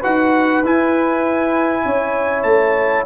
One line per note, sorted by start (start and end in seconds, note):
0.00 0.64 D#4
0.00 0.63 F#4
0.00 1.82 B4
0.00 0.64 F#5
0.64 1.85 E4
0.64 3.06 E4
0.64 2.43 G#5
1.85 2.44 C#4
1.85 3.06 C#5
2.43 3.04 A3
2.43 3.03 A5